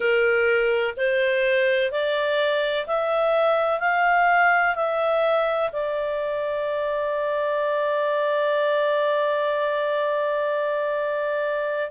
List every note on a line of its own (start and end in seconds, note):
0.00 0.94 A#4
0.96 1.90 C5
1.90 2.86 D5
2.87 3.79 E5
3.79 4.74 F5
4.74 5.70 E5
5.72 11.90 D5